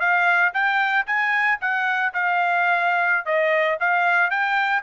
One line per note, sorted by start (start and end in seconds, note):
0.00 0.52 F5
0.53 1.06 G5
1.06 1.58 G#5
1.61 2.13 F#5
2.13 3.26 F5
3.26 3.78 D#5
3.80 4.30 F5
4.30 4.82 G5